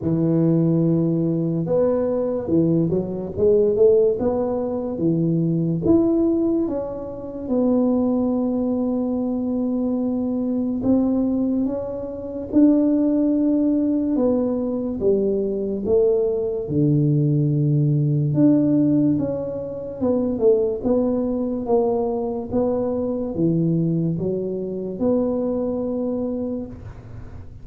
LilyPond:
\new Staff \with { instrumentName = "tuba" } { \time 4/4 \tempo 4 = 72 e2 b4 e8 fis8 | gis8 a8 b4 e4 e'4 | cis'4 b2.~ | b4 c'4 cis'4 d'4~ |
d'4 b4 g4 a4 | d2 d'4 cis'4 | b8 a8 b4 ais4 b4 | e4 fis4 b2 | }